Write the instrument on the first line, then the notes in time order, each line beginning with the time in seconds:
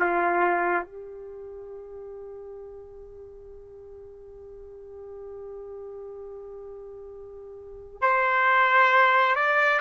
trumpet
0.00 F4
0.85 G4
8.01 C5
9.36 D5